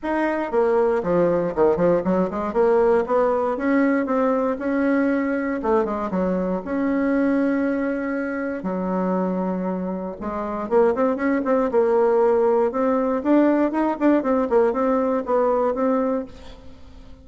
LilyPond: \new Staff \with { instrumentName = "bassoon" } { \time 4/4 \tempo 4 = 118 dis'4 ais4 f4 dis8 f8 | fis8 gis8 ais4 b4 cis'4 | c'4 cis'2 a8 gis8 | fis4 cis'2.~ |
cis'4 fis2. | gis4 ais8 c'8 cis'8 c'8 ais4~ | ais4 c'4 d'4 dis'8 d'8 | c'8 ais8 c'4 b4 c'4 | }